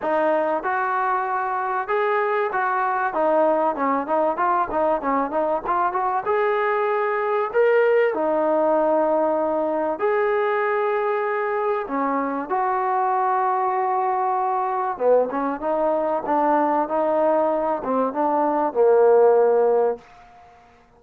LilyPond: \new Staff \with { instrumentName = "trombone" } { \time 4/4 \tempo 4 = 96 dis'4 fis'2 gis'4 | fis'4 dis'4 cis'8 dis'8 f'8 dis'8 | cis'8 dis'8 f'8 fis'8 gis'2 | ais'4 dis'2. |
gis'2. cis'4 | fis'1 | b8 cis'8 dis'4 d'4 dis'4~ | dis'8 c'8 d'4 ais2 | }